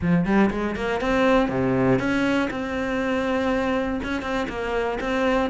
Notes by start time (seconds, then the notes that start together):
0.01 F3
0.25 G3
0.50 G#3
0.75 A#3
1.00 C4
1.49 C3
1.99 C#4
2.50 C4
4.03 C#4
4.21 C4
4.49 A#3
5.00 C4